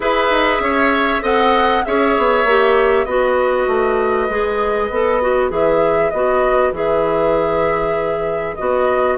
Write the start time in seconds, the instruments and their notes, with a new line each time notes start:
0.00 bassoon E4, clarinet G#4, oboe B4, flute E5
0.30 bassoon D#4
0.59 bassoon C#4, oboe C#5
1.21 bassoon C4, clarinet A4, oboe D#5, flute F#5
1.84 bassoon C#4, clarinet G#4, oboe C#5, flute E5
2.17 bassoon B3
2.44 bassoon A#3, clarinet G4
3.05 bassoon B3, clarinet F#4, oboe B4, flute D#5
3.67 bassoon A3
4.29 bassoon G#3, clarinet G#4
4.90 bassoon B3, clarinet A4
5.21 clarinet F#4
5.49 bassoon E3, clarinet G#4, flute E5
6.10 bassoon B3, clarinet F#4, flute D#5
6.71 bassoon E3, clarinet G#4, flute E5
8.55 bassoon B3, clarinet F#4, flute D#5